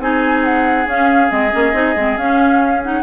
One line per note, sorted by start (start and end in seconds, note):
0.00 0.87 C4
0.00 0.88 D#4
0.00 3.03 G#4
0.00 0.44 G#5
0.44 0.88 F#5
0.87 1.30 C#4
0.87 1.29 C#4
0.87 1.31 F5
1.29 1.53 G#3
1.29 1.51 C4
1.29 2.18 D#5
1.52 1.73 A#3
1.52 1.74 C#4
1.73 1.95 C4
1.73 1.95 D#4
1.96 2.17 G#3
1.96 2.19 C4
2.17 3.03 C#4
2.17 2.84 C#4
2.17 2.83 F5
2.84 3.03 D#4
2.84 3.03 F#5